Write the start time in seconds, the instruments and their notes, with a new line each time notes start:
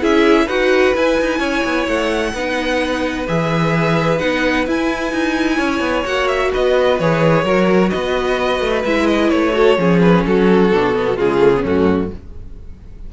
0.00 cello C#4, viola E4, violin G#4 E5
0.46 cello D#4, viola F#4, violin B4 F#5
0.94 viola E4, cello E4, violin G#5
1.19 cello D#4
1.38 cello C#4, violin C#5
1.63 cello B3
1.87 cello A3, violin F#5
2.33 cello B3, viola D#4, violin B4
3.27 cello E3, viola G#4, violin E5
4.18 cello B3, viola D#4, violin F#5
4.66 cello E4, viola E4, violin G#5
5.12 cello D#4
5.56 cello C#4, violin C#5
5.80 cello B3
6.05 cello A#3, viola F#4, violin F#5
6.27 violin E5
6.52 cello B3, violin B4 D#5
6.99 cello E3, viola G#4, violin C#5
7.44 cello F#3, viola F#4, violin A#4
7.89 cello B3, violin B4 D#5
8.60 cello A3
8.84 cello G#3, viola E4, violin E5
9.06 violin D#5
9.29 cello A3, violin C#5
9.52 viola F#4, violin A4
9.77 cello F3, viola C#4, violin G#4
10.00 violin B4
10.26 cello F#3, violin F#4 A4
10.72 cello B2, viola D4
10.93 viola B3
11.16 cello C#3, viola G#3, violin F4 G#4
11.40 viola A3
11.55 viola B3, violin C#4
11.64 cello F#2, viola A3, violin F#4